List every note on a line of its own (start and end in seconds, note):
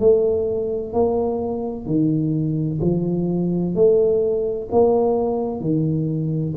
0.00 0.93 A3
0.93 1.86 A#3
1.86 2.80 D#3
2.81 3.75 F3
3.75 4.69 A3
4.72 5.61 A#3
5.61 6.55 D#3